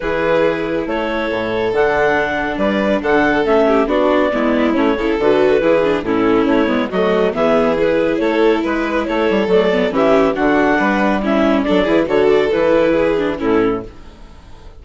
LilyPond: <<
  \new Staff \with { instrumentName = "clarinet" } { \time 4/4 \tempo 4 = 139 b'2 cis''2 | fis''2 d''4 fis''4 | e''4 d''2 cis''4 | b'2 a'4 cis''4 |
dis''4 e''4 b'4 cis''4 | b'4 cis''4 d''4 e''4 | fis''2 e''4 d''4 | cis''8 d''8 b'2 a'4 | }
  \new Staff \with { instrumentName = "violin" } { \time 4/4 gis'2 a'2~ | a'2 b'4 a'4~ | a'8 g'8 fis'4 e'4. a'8~ | a'4 gis'4 e'2 |
fis'4 gis'2 a'4 | b'4 a'2 g'4 | fis'4 b'4 e'4 a'8 gis'8 | a'2 gis'4 e'4 | }
  \new Staff \with { instrumentName = "viola" } { \time 4/4 e'1 | d'1 | cis'4 d'4 b4 cis'8 e'8 | fis'4 e'8 d'8 cis'4. b8 |
a4 b4 e'2~ | e'2 a8 b8 cis'4 | d'2 cis'4 d'8 e'8 | fis'4 e'4. d'8 cis'4 | }
  \new Staff \with { instrumentName = "bassoon" } { \time 4/4 e2 a4 a,4 | d2 g4 d4 | a4 b4 gis4 a8 cis8 | d4 e4 a,4 a8 gis8 |
fis4 e2 a4 | gis4 a8 g8 fis4 e4 | d4 g2 fis8 e8 | d4 e2 a,4 | }
>>